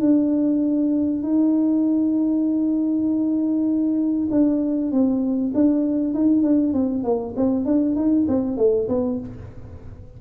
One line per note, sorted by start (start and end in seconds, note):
0.00 1.22 D4
1.23 4.29 D#4
4.31 4.92 D4
4.92 5.53 C4
5.54 6.14 D4
6.14 6.42 D#4
6.42 6.73 D4
6.73 7.04 C4
7.04 7.34 A#3
7.36 7.65 C4
7.65 7.95 D4
7.95 8.26 D#4
8.28 8.57 C4
8.57 8.88 A3
8.88 9.19 B3